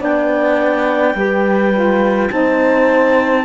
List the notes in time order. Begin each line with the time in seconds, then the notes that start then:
0.00 B3 D4 D5 G5
1.14 G3 G4 B4
1.74 F4
2.31 C4 D#4 C5 A5